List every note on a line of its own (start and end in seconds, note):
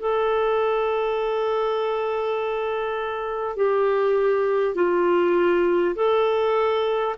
0.00 3.57 A4
3.57 4.76 G4
4.76 5.96 F4
5.96 7.16 A4